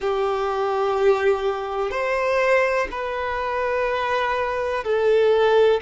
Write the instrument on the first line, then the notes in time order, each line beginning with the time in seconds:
violin
0.00 G4
1.90 C5
2.91 B4
4.84 A4